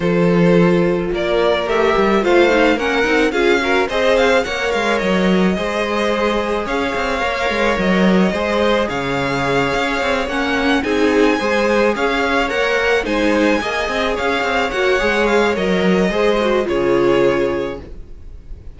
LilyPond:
<<
  \new Staff \with { instrumentName = "violin" } { \time 4/4 \tempo 4 = 108 c''2 d''4 e''4 | f''4 fis''4 f''4 dis''8 f''8 | fis''8 f''8 dis''2. | f''2 dis''2 |
f''2~ f''8 fis''4 gis''8~ | gis''4. f''4 fis''4 gis''8~ | gis''4. f''4 fis''4 f''8 | dis''2 cis''2 | }
  \new Staff \with { instrumentName = "violin" } { \time 4/4 a'2 ais'2 | c''4 ais'4 gis'8 ais'8 c''4 | cis''2 c''2 | cis''2. c''4 |
cis''2.~ cis''8 gis'8~ | gis'8 c''4 cis''2 c''8~ | c''8 dis''4 cis''2~ cis''8~ | cis''4 c''4 gis'2 | }
  \new Staff \with { instrumentName = "viola" } { \time 4/4 f'2. g'4 | f'8 dis'8 cis'8 dis'8 f'8 fis'8 gis'4 | ais'2 gis'2~ | gis'4 ais'2 gis'4~ |
gis'2~ gis'8 cis'4 dis'8~ | dis'8 gis'2 ais'4 dis'8~ | dis'8 gis'2 fis'8 gis'4 | ais'4 gis'8 fis'8 f'2 | }
  \new Staff \with { instrumentName = "cello" } { \time 4/4 f2 ais4 a8 g8 | a4 ais8 c'8 cis'4 c'4 | ais8 gis8 fis4 gis2 | cis'8 c'8 ais8 gis8 fis4 gis4 |
cis4. cis'8 c'8 ais4 c'8~ | c'8 gis4 cis'4 ais4 gis8~ | gis8 ais8 c'8 cis'8 c'8 ais8 gis4 | fis4 gis4 cis2 | }
>>